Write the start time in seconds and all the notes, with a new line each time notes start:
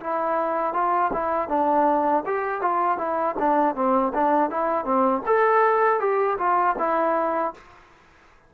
0.00 E4
0.73 F4
1.13 E4
1.48 D4
2.26 G4
2.61 F4
2.98 E4
3.39 D4
3.75 C4
4.14 D4
4.50 E4
4.84 C4
5.26 A4
6.00 G4
6.38 F4
6.79 E4